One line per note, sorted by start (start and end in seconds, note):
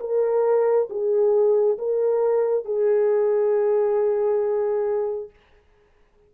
0.00 0.88 A#4
0.89 1.78 G#4
1.78 2.65 A#4
2.65 5.29 G#4